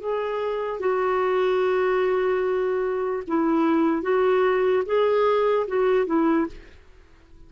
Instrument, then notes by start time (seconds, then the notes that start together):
clarinet
0.00 G#4
0.80 F#4
3.28 E4
4.02 F#4
4.86 G#4
5.68 F#4
6.06 E4